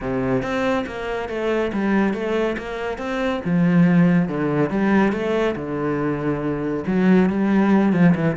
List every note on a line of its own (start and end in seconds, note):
0.00 0.42 C3
0.42 0.85 C4
0.86 1.28 A#3
1.28 1.71 A3
1.73 2.13 G3
2.13 2.56 A3
2.58 2.97 A#3
2.97 3.40 C4
3.44 4.28 F3
4.28 4.69 D3
4.69 5.12 G3
5.12 5.55 A3
5.55 6.84 D3
6.86 7.29 F#3
7.29 7.92 G3
7.92 8.14 F3
8.15 8.36 E3